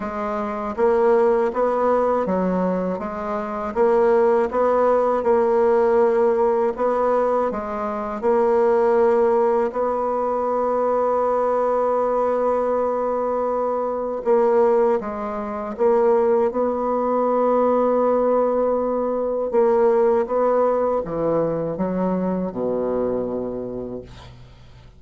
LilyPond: \new Staff \with { instrumentName = "bassoon" } { \time 4/4 \tempo 4 = 80 gis4 ais4 b4 fis4 | gis4 ais4 b4 ais4~ | ais4 b4 gis4 ais4~ | ais4 b2.~ |
b2. ais4 | gis4 ais4 b2~ | b2 ais4 b4 | e4 fis4 b,2 | }